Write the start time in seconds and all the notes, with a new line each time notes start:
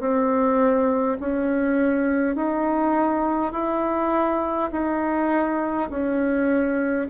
0.00 C4
1.20 C#4
2.36 D#4
3.52 E4
4.72 D#4
5.90 C#4